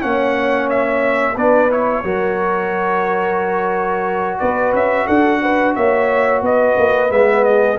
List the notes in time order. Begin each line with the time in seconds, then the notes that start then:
0.00 A#3 C#4 C#5 F#5
0.70 E5
1.35 B3 D4 B4 D5
1.71 E4 C#5
2.04 F#3 F#4 A#4
4.39 B3 B4 D5
4.74 C#4 E5
5.07 D4 A4 F#5
5.42 B4
5.75 A#3 C#5 E5
6.42 B3 B4 D#5
6.78 A#3
7.10 G#3 B3 E5
7.45 G#4 D#5